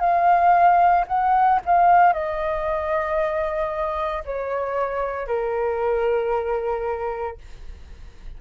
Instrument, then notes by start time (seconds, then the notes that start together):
flute
0.00 F5
1.08 F#5
1.66 F5
2.13 D#5
4.25 C#5
5.27 A#4